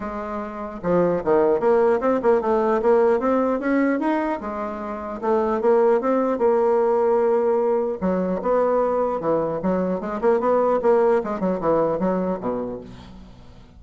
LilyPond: \new Staff \with { instrumentName = "bassoon" } { \time 4/4 \tempo 4 = 150 gis2 f4 dis4 | ais4 c'8 ais8 a4 ais4 | c'4 cis'4 dis'4 gis4~ | gis4 a4 ais4 c'4 |
ais1 | fis4 b2 e4 | fis4 gis8 ais8 b4 ais4 | gis8 fis8 e4 fis4 b,4 | }